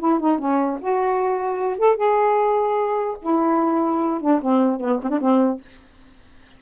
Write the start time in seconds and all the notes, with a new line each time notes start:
0.00 E4
0.20 D#4
0.39 C#4
0.81 F#4
1.79 A4
1.97 G#4
3.22 E4
4.22 D4
4.42 C4
4.81 B3
5.03 C4
5.10 D4
5.21 C4